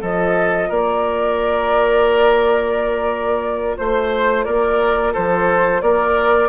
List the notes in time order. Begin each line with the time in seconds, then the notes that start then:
0.00 F3 F4 A4 D#5
0.69 A#3 A#4 D5
3.77 A3 C5
4.44 A#3 A#4 D5
5.13 F3 A4 C5
5.81 A#3 A#4 D5